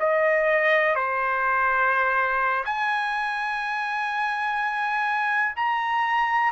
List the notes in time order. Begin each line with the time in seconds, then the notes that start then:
0.00 D#5
0.95 C5
2.66 G#5
5.56 A#5